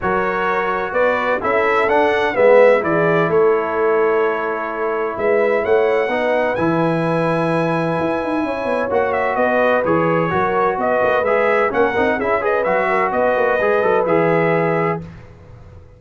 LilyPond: <<
  \new Staff \with { instrumentName = "trumpet" } { \time 4/4 \tempo 4 = 128 cis''2 d''4 e''4 | fis''4 e''4 d''4 cis''4~ | cis''2. e''4 | fis''2 gis''2~ |
gis''2. fis''8 e''8 | dis''4 cis''2 dis''4 | e''4 fis''4 e''8 dis''8 e''4 | dis''2 e''2 | }
  \new Staff \with { instrumentName = "horn" } { \time 4/4 ais'2 b'4 a'4~ | a'4 b'4 gis'4 a'4~ | a'2. b'4 | cis''4 b'2.~ |
b'2 cis''2 | b'2 ais'4 b'4~ | b'4 ais'4 gis'8 b'4 ais'8 | b'1 | }
  \new Staff \with { instrumentName = "trombone" } { \time 4/4 fis'2. e'4 | d'4 b4 e'2~ | e'1~ | e'4 dis'4 e'2~ |
e'2. fis'4~ | fis'4 gis'4 fis'2 | gis'4 cis'8 dis'8 e'8 gis'8 fis'4~ | fis'4 gis'8 a'8 gis'2 | }
  \new Staff \with { instrumentName = "tuba" } { \time 4/4 fis2 b4 cis'4 | d'4 gis4 e4 a4~ | a2. gis4 | a4 b4 e2~ |
e4 e'8 dis'8 cis'8 b8 ais4 | b4 e4 fis4 b8 ais8 | gis4 ais8 c'8 cis'4 fis4 | b8 ais8 gis8 fis8 e2 | }
>>